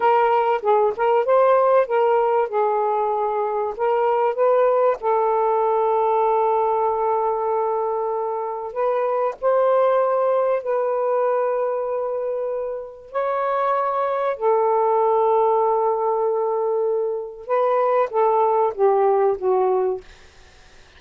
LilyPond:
\new Staff \with { instrumentName = "saxophone" } { \time 4/4 \tempo 4 = 96 ais'4 gis'8 ais'8 c''4 ais'4 | gis'2 ais'4 b'4 | a'1~ | a'2 b'4 c''4~ |
c''4 b'2.~ | b'4 cis''2 a'4~ | a'1 | b'4 a'4 g'4 fis'4 | }